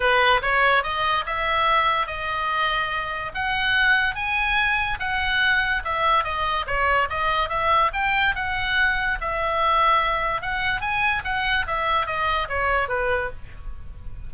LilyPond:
\new Staff \with { instrumentName = "oboe" } { \time 4/4 \tempo 4 = 144 b'4 cis''4 dis''4 e''4~ | e''4 dis''2. | fis''2 gis''2 | fis''2 e''4 dis''4 |
cis''4 dis''4 e''4 g''4 | fis''2 e''2~ | e''4 fis''4 gis''4 fis''4 | e''4 dis''4 cis''4 b'4 | }